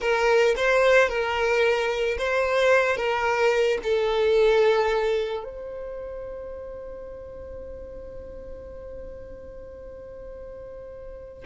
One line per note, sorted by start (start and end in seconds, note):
0.00 0.55 A#4
0.56 1.08 C5
1.08 2.17 A#4
2.18 2.96 C5
2.96 3.78 A#4
3.83 5.43 A4
5.43 11.43 C5